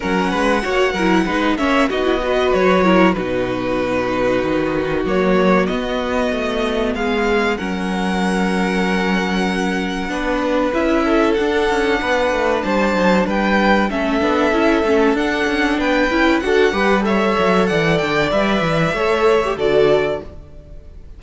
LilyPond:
<<
  \new Staff \with { instrumentName = "violin" } { \time 4/4 \tempo 4 = 95 fis''2~ fis''8 e''8 dis''4 | cis''4 b'2. | cis''4 dis''2 f''4 | fis''1~ |
fis''4 e''4 fis''2 | a''4 g''4 e''2 | fis''4 g''4 fis''4 e''4 | fis''8 g''8 e''2 d''4 | }
  \new Staff \with { instrumentName = "violin" } { \time 4/4 ais'8 b'8 cis''8 ais'8 b'8 cis''8 fis'8 b'8~ | b'8 ais'8 fis'2.~ | fis'2. gis'4 | ais'1 |
b'4. a'4. b'4 | c''4 b'4 a'2~ | a'4 b'4 a'8 b'8 cis''4 | d''2 cis''4 a'4 | }
  \new Staff \with { instrumentName = "viola" } { \time 4/4 cis'4 fis'8 e'8 dis'8 cis'8 dis'16 e'16 fis'8~ | fis'8 e'8 dis'2. | ais4 b2. | cis'1 |
d'4 e'4 d'2~ | d'2 cis'8 d'8 e'8 cis'8 | d'4. e'8 fis'8 g'8 a'4~ | a'4 b'4 a'8. g'16 fis'4 | }
  \new Staff \with { instrumentName = "cello" } { \time 4/4 fis8 gis8 ais8 fis8 gis8 ais8 b4 | fis4 b,2 dis4 | fis4 b4 a4 gis4 | fis1 |
b4 cis'4 d'8 cis'8 b8 a8 | g8 fis8 g4 a8 b8 cis'8 a8 | d'8 cis'8 b8 cis'8 d'8 g4 fis8 | e8 d8 g8 e8 a4 d4 | }
>>